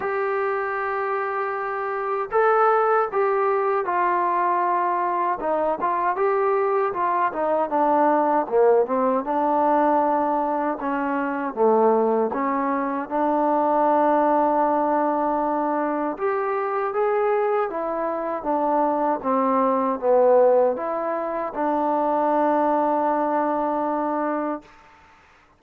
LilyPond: \new Staff \with { instrumentName = "trombone" } { \time 4/4 \tempo 4 = 78 g'2. a'4 | g'4 f'2 dis'8 f'8 | g'4 f'8 dis'8 d'4 ais8 c'8 | d'2 cis'4 a4 |
cis'4 d'2.~ | d'4 g'4 gis'4 e'4 | d'4 c'4 b4 e'4 | d'1 | }